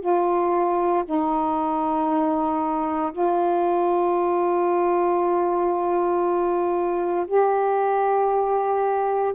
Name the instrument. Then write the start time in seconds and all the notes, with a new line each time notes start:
saxophone
0.00 F4
1.05 D#4
3.12 F4
7.27 G4